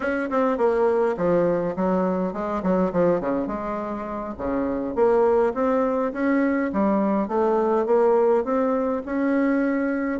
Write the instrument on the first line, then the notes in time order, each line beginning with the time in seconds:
bassoon
0.00 C#4
0.30 C4
0.57 A#3
1.17 F3
1.76 F#3
2.33 G#3
2.62 F#3
2.92 F3
3.20 C#3
3.47 G#3
4.37 C#3
4.95 A#3
5.54 C4
6.12 C#4
6.72 G3
7.28 A3
7.86 A#3
8.44 C4
9.05 C#4